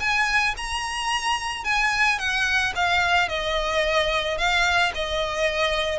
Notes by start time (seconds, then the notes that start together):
0.00 G#5
0.57 A#5
1.64 G#5
2.18 F#5
2.75 F5
3.29 D#5
4.38 F5
4.95 D#5